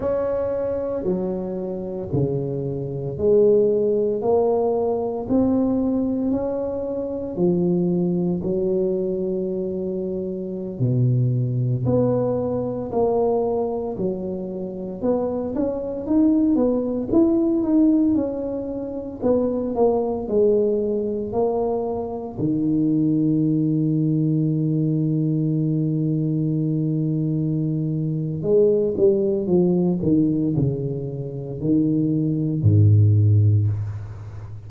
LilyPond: \new Staff \with { instrumentName = "tuba" } { \time 4/4 \tempo 4 = 57 cis'4 fis4 cis4 gis4 | ais4 c'4 cis'4 f4 | fis2~ fis16 b,4 b8.~ | b16 ais4 fis4 b8 cis'8 dis'8 b16~ |
b16 e'8 dis'8 cis'4 b8 ais8 gis8.~ | gis16 ais4 dis2~ dis8.~ | dis2. gis8 g8 | f8 dis8 cis4 dis4 gis,4 | }